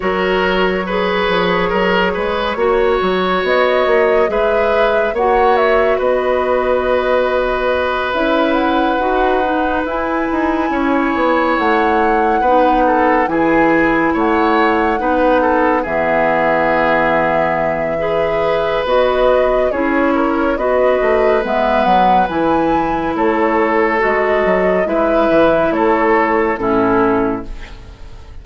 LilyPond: <<
  \new Staff \with { instrumentName = "flute" } { \time 4/4 \tempo 4 = 70 cis''1 | dis''4 e''4 fis''8 e''8 dis''4~ | dis''4. e''8 fis''4. gis''8~ | gis''4. fis''2 gis''8~ |
gis''8 fis''2 e''4.~ | e''2 dis''4 cis''4 | dis''4 e''8 fis''8 gis''4 cis''4 | dis''4 e''4 cis''4 a'4 | }
  \new Staff \with { instrumentName = "oboe" } { \time 4/4 ais'4 b'4 ais'8 b'8 cis''4~ | cis''4 b'4 cis''4 b'4~ | b'1~ | b'8 cis''2 b'8 a'8 gis'8~ |
gis'8 cis''4 b'8 a'8 gis'4.~ | gis'4 b'2 gis'8 ais'8 | b'2. a'4~ | a'4 b'4 a'4 e'4 | }
  \new Staff \with { instrumentName = "clarinet" } { \time 4/4 fis'4 gis'2 fis'4~ | fis'4 gis'4 fis'2~ | fis'4. e'4 fis'8 dis'8 e'8~ | e'2~ e'8 dis'4 e'8~ |
e'4. dis'4 b4.~ | b4 gis'4 fis'4 e'4 | fis'4 b4 e'2 | fis'4 e'2 cis'4 | }
  \new Staff \with { instrumentName = "bassoon" } { \time 4/4 fis4. f8 fis8 gis8 ais8 fis8 | b8 ais8 gis4 ais4 b4~ | b4. cis'4 dis'4 e'8 | dis'8 cis'8 b8 a4 b4 e8~ |
e8 a4 b4 e4.~ | e2 b4 cis'4 | b8 a8 gis8 fis8 e4 a4 | gis8 fis8 gis8 e8 a4 a,4 | }
>>